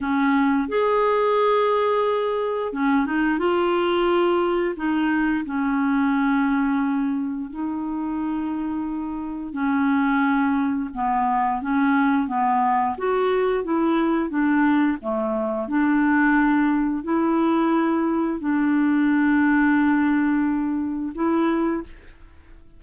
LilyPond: \new Staff \with { instrumentName = "clarinet" } { \time 4/4 \tempo 4 = 88 cis'4 gis'2. | cis'8 dis'8 f'2 dis'4 | cis'2. dis'4~ | dis'2 cis'2 |
b4 cis'4 b4 fis'4 | e'4 d'4 a4 d'4~ | d'4 e'2 d'4~ | d'2. e'4 | }